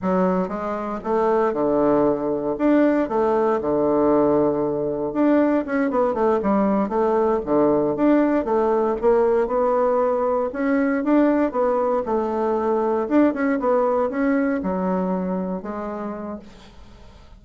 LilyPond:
\new Staff \with { instrumentName = "bassoon" } { \time 4/4 \tempo 4 = 117 fis4 gis4 a4 d4~ | d4 d'4 a4 d4~ | d2 d'4 cis'8 b8 | a8 g4 a4 d4 d'8~ |
d'8 a4 ais4 b4.~ | b8 cis'4 d'4 b4 a8~ | a4. d'8 cis'8 b4 cis'8~ | cis'8 fis2 gis4. | }